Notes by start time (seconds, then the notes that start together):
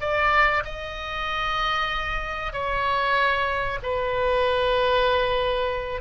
0.00 D5
0.64 D#5
2.52 C#5
3.82 B4